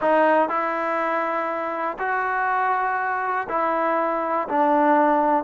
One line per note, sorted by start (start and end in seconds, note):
0.01 0.48 D#4
0.48 1.97 E4
1.98 3.47 F#4
3.48 4.48 E4
4.48 5.43 D4